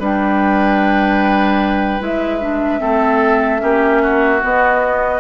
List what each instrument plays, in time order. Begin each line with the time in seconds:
0.00 bassoon G3, clarinet D4, oboe B4, flute G5
2.00 bassoon G#3, clarinet E4, flute E5
2.41 clarinet D4
2.80 bassoon A3, clarinet C4, oboe A4
3.59 bassoon A#3, clarinet C#4, oboe G4
4.03 oboe F#4
4.43 clarinet B3, bassoon B3, flute D#5